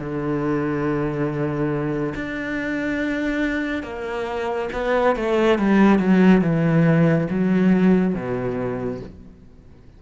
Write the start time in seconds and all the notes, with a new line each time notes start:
0.00 D3
2.15 D4
3.84 A#3
4.73 B3
5.16 A3
5.59 G3
6.00 F#3
6.42 E3
7.31 F#3
8.15 B2